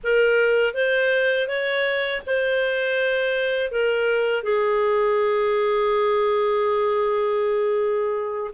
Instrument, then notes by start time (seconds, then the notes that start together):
clarinet
0.03 A#4
0.74 C5
1.48 C#5
2.26 C5
3.71 A#4
4.43 G#4